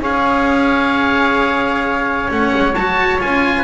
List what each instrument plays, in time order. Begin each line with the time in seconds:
0.00 double bass C#4, cello G#4, trumpet C#5, oboe F5
2.29 double bass A3, cello C#4, oboe F#5
2.57 double bass G#3
2.75 double bass F#3, cello F#4, oboe A5
3.19 double bass C#4, cello F4, oboe G#5
3.58 trumpet B4